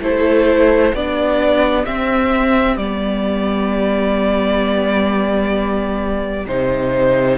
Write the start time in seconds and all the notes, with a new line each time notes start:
0.00 A3 E4 A4 C5
0.93 B3 D4 G4 D5
1.85 C4 E5
2.77 G3 B3 D5
6.46 C3 D#4 C5